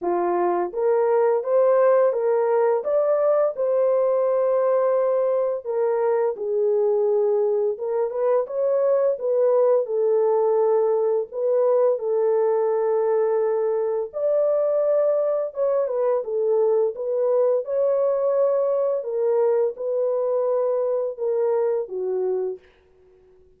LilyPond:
\new Staff \with { instrumentName = "horn" } { \time 4/4 \tempo 4 = 85 f'4 ais'4 c''4 ais'4 | d''4 c''2. | ais'4 gis'2 ais'8 b'8 | cis''4 b'4 a'2 |
b'4 a'2. | d''2 cis''8 b'8 a'4 | b'4 cis''2 ais'4 | b'2 ais'4 fis'4 | }